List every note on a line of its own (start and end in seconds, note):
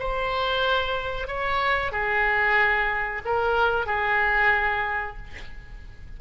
0.00 1.28 C5
1.28 1.92 C#5
1.92 3.23 G#4
3.25 3.87 A#4
3.87 5.17 G#4